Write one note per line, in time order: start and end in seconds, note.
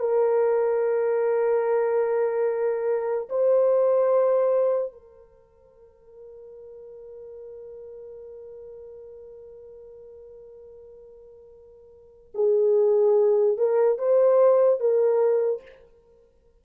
0.00 3.29 A#4
3.30 4.93 C5
4.93 12.33 A#4
12.35 13.58 G#4
13.58 13.98 A#4
13.98 14.80 C5
14.80 15.62 A#4